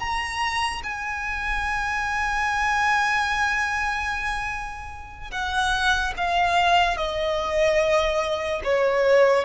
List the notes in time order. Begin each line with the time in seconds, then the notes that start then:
0.00 A#5
0.84 G#5
5.32 F#5
6.18 F5
6.98 D#5
8.65 C#5